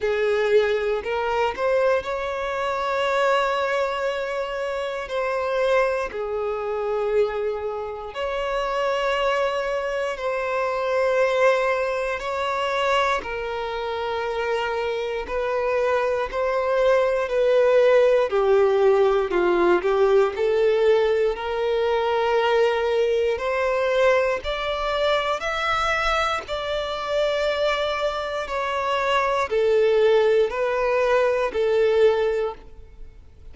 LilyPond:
\new Staff \with { instrumentName = "violin" } { \time 4/4 \tempo 4 = 59 gis'4 ais'8 c''8 cis''2~ | cis''4 c''4 gis'2 | cis''2 c''2 | cis''4 ais'2 b'4 |
c''4 b'4 g'4 f'8 g'8 | a'4 ais'2 c''4 | d''4 e''4 d''2 | cis''4 a'4 b'4 a'4 | }